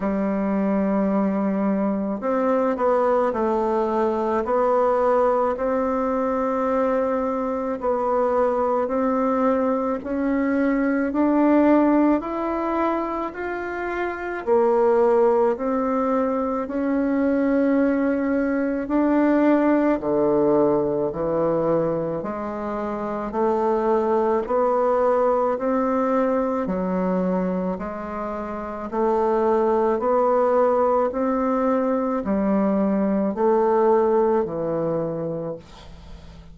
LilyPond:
\new Staff \with { instrumentName = "bassoon" } { \time 4/4 \tempo 4 = 54 g2 c'8 b8 a4 | b4 c'2 b4 | c'4 cis'4 d'4 e'4 | f'4 ais4 c'4 cis'4~ |
cis'4 d'4 d4 e4 | gis4 a4 b4 c'4 | fis4 gis4 a4 b4 | c'4 g4 a4 e4 | }